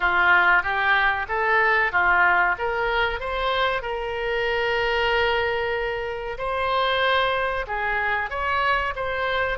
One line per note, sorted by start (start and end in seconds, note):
0.00 0.62 F4
0.62 1.26 G4
1.28 1.91 A4
1.91 2.55 F4
2.58 3.19 A#4
3.19 3.82 C5
3.82 6.37 A#4
6.38 7.65 C5
7.67 8.30 G#4
8.30 8.94 C#5
8.95 9.58 C5